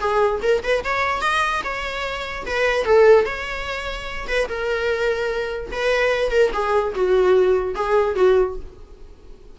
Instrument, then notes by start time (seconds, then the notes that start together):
viola
0.00 G#4
0.43 A#4
0.63 B4
0.84 C#5
1.22 D#5
1.65 C#5
2.47 B4
2.85 A4
3.26 C#5
4.28 B4
4.49 A#4
5.72 B4
6.31 A#4
6.53 G#4
6.95 F#4
7.75 G#4
8.16 F#4